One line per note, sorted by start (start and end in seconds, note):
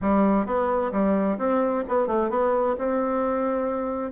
0.01 0.45 G3
0.45 0.91 B3
0.91 1.37 G3
1.37 1.83 C4
1.88 2.07 B3
2.07 2.30 A3
2.30 2.75 B3
2.78 4.11 C4